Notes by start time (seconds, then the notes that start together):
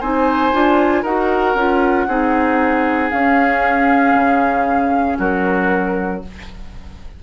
0.00 C4 D#4 C5 G#5
0.53 D4 F4
1.03 D#4 F#4 A#4 F#5
1.55 C#4 F4
2.08 C4 D#4 G#4
3.10 C#4 F5
4.14 C#3
5.18 F#3 F#4 A#4